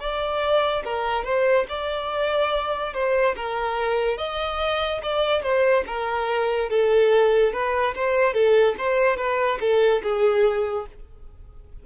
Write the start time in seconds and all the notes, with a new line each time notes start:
0.00 D5
0.84 A#4
1.25 C5
1.69 D5
2.94 C5
3.36 A#4
4.18 D#5
5.03 D5
5.43 C5
5.87 A#4
6.70 A4
7.53 B4
7.95 C5
8.34 A4
8.78 C5
9.17 B4
9.60 A4
10.03 G#4